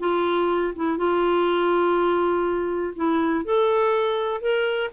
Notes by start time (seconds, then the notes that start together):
0.00 F4
0.76 E4
0.98 F4
2.96 E4
3.45 A4
4.41 A#4